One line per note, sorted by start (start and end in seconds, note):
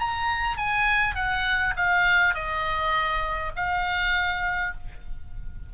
0.00 0.57 A#5
0.57 1.16 G#5
1.16 1.74 F#5
1.77 2.34 F5
2.34 3.52 D#5
3.56 4.74 F5